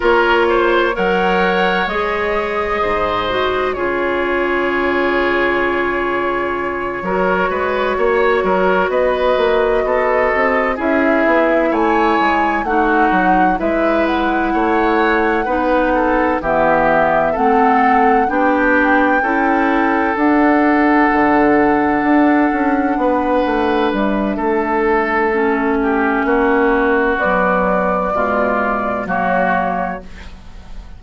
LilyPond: <<
  \new Staff \with { instrumentName = "flute" } { \time 4/4 \tempo 4 = 64 cis''4 fis''4 dis''2 | cis''1~ | cis''4. dis''2 e''8~ | e''8 gis''4 fis''4 e''8 fis''4~ |
fis''4. e''4 fis''4 g''8~ | g''4. fis''2~ fis''8~ | fis''4. e''2~ e''8~ | e''4 d''2 cis''4 | }
  \new Staff \with { instrumentName = "oboe" } { \time 4/4 ais'8 c''8 cis''2 c''4 | gis'2.~ gis'8 ais'8 | b'8 cis''8 ais'8 b'4 a'4 gis'8~ | gis'8 cis''4 fis'4 b'4 cis''8~ |
cis''8 b'8 a'8 g'4 a'4 g'8~ | g'8 a'2.~ a'8~ | a'8 b'4. a'4. g'8 | fis'2 f'4 fis'4 | }
  \new Staff \with { instrumentName = "clarinet" } { \time 4/4 f'4 ais'4 gis'4. fis'8 | f'2.~ f'8 fis'8~ | fis'2.~ fis'8 e'8~ | e'4. dis'4 e'4.~ |
e'8 dis'4 b4 c'4 d'8~ | d'8 e'4 d'2~ d'8~ | d'2. cis'4~ | cis'4 fis4 gis4 ais4 | }
  \new Staff \with { instrumentName = "bassoon" } { \time 4/4 ais4 fis4 gis4 gis,4 | cis2.~ cis8 fis8 | gis8 ais8 fis8 b8 ais8 b8 c'8 cis'8 | b8 a8 gis8 a8 fis8 gis4 a8~ |
a8 b4 e4 a4 b8~ | b8 cis'4 d'4 d4 d'8 | cis'8 b8 a8 g8 a2 | ais4 b4 b,4 fis4 | }
>>